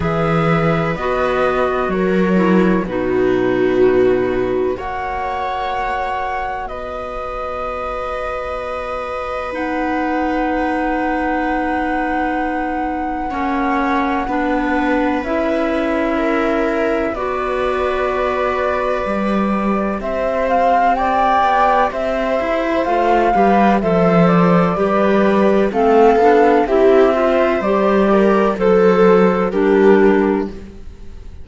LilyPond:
<<
  \new Staff \with { instrumentName = "flute" } { \time 4/4 \tempo 4 = 63 e''4 dis''4 cis''4 b'4~ | b'4 fis''2 dis''4~ | dis''2 fis''2~ | fis''1 |
e''2 d''2~ | d''4 e''8 f''8 g''4 e''4 | f''4 e''8 d''4. f''4 | e''4 d''4 c''4 ais'4 | }
  \new Staff \with { instrumentName = "viola" } { \time 4/4 b'2 ais'4 fis'4~ | fis'4 cis''2 b'4~ | b'1~ | b'2 cis''4 b'4~ |
b'4 ais'4 b'2~ | b'4 c''4 d''4 c''4~ | c''8 b'8 c''4 b'4 a'4 | g'8 c''4 ais'8 a'4 g'4 | }
  \new Staff \with { instrumentName = "clarinet" } { \time 4/4 gis'4 fis'4. e'8 dis'4~ | dis'4 fis'2.~ | fis'2 dis'2~ | dis'2 cis'4 d'4 |
e'2 fis'2 | g'1 | f'8 g'8 a'4 g'4 c'8 d'8 | e'8 f'8 g'4 a'4 d'4 | }
  \new Staff \with { instrumentName = "cello" } { \time 4/4 e4 b4 fis4 b,4~ | b,4 ais2 b4~ | b1~ | b2 ais4 b4 |
cis'2 b2 | g4 c'4. b8 c'8 e'8 | a8 g8 f4 g4 a8 b8 | c'4 g4 fis4 g4 | }
>>